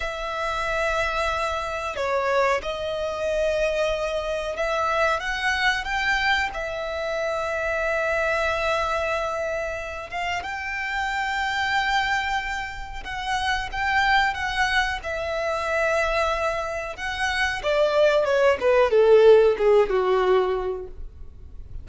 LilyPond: \new Staff \with { instrumentName = "violin" } { \time 4/4 \tempo 4 = 92 e''2. cis''4 | dis''2. e''4 | fis''4 g''4 e''2~ | e''2.~ e''8 f''8 |
g''1 | fis''4 g''4 fis''4 e''4~ | e''2 fis''4 d''4 | cis''8 b'8 a'4 gis'8 fis'4. | }